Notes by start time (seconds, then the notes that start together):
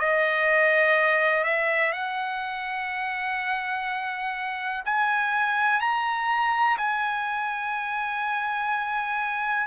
0.00 D#5
1.44 E5
1.93 F#5
4.86 G#5
5.81 A#5
6.78 G#5